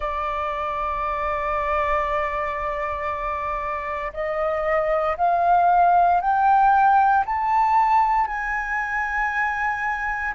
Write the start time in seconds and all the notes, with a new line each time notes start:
0.00 D5
4.13 D#5
5.17 F5
6.21 G5
7.25 A5
8.27 G#5